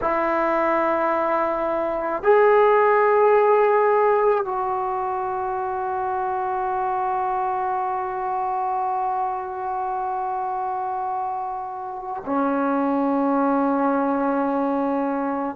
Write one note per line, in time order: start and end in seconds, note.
0.01 2.22 E4
2.22 4.44 G#4
4.44 12.22 F#4
12.25 15.56 C#4